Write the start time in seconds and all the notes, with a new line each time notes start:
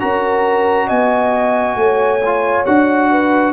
0.00 C#4 F#4 A#4 A#5
0.87 B3 D#5 G#5
1.76 A3 C#5
2.26 F4
2.66 D4 F#4 F#5
3.12 B4